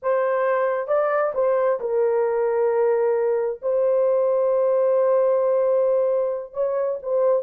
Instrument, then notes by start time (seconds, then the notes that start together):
horn
0.02 C5
0.87 D5
1.34 C5
1.80 A#4
3.62 C5
6.53 C#5
7.02 C5